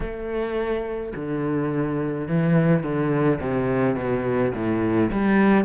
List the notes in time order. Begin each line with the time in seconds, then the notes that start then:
0.00 A3
1.15 D3
2.27 E3
2.83 D3
3.40 C3
3.95 B2
4.54 A2
5.11 G3